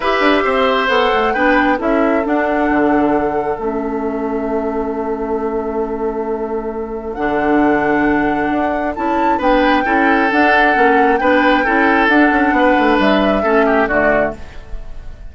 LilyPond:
<<
  \new Staff \with { instrumentName = "flute" } { \time 4/4 \tempo 4 = 134 e''2 fis''4 g''4 | e''4 fis''2. | e''1~ | e''1 |
fis''1 | a''4 g''2 fis''4~ | fis''4 g''2 fis''4~ | fis''4 e''2 d''4 | }
  \new Staff \with { instrumentName = "oboe" } { \time 4/4 b'4 c''2 b'4 | a'1~ | a'1~ | a'1~ |
a'1~ | a'4 b'4 a'2~ | a'4 b'4 a'2 | b'2 a'8 g'8 fis'4 | }
  \new Staff \with { instrumentName = "clarinet" } { \time 4/4 g'2 a'4 d'4 | e'4 d'2. | cis'1~ | cis'1 |
d'1 | e'4 d'4 e'4 d'4 | cis'4 d'4 e'4 d'4~ | d'2 cis'4 a4 | }
  \new Staff \with { instrumentName = "bassoon" } { \time 4/4 e'8 d'8 c'4 b8 a8 b4 | cis'4 d'4 d2 | a1~ | a1 |
d2. d'4 | cis'4 b4 cis'4 d'4 | ais4 b4 cis'4 d'8 cis'8 | b8 a8 g4 a4 d4 | }
>>